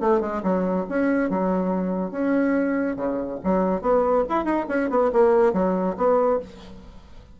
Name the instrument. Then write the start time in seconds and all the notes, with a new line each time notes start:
bassoon
0.00 A3
0.20 G#3
0.43 F#3
0.89 C#4
1.30 F#3
2.11 C#4
2.96 C#3
3.44 F#3
3.81 B3
4.29 E4
4.44 D#4
4.68 C#4
4.90 B3
5.12 A#3
5.53 F#3
5.97 B3